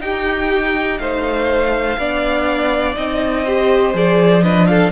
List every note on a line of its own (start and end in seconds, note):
0.00 1.97 D#4
0.00 0.99 D#4
0.00 1.01 G4
0.00 0.99 G5
0.99 1.98 A3
0.99 1.99 C5
0.99 2.95 F5
1.98 2.96 B3
1.98 2.96 D4
1.98 3.45 D5
2.96 3.94 C4
2.96 3.45 D#4
2.96 3.94 D#5
3.45 3.94 G4
3.45 4.43 C5
3.94 4.92 F3
3.94 4.43 G#4
3.94 4.43 D5
4.43 4.92 D4
4.43 4.68 B4
4.43 4.66 D#5
4.66 4.92 A4
4.66 4.91 F5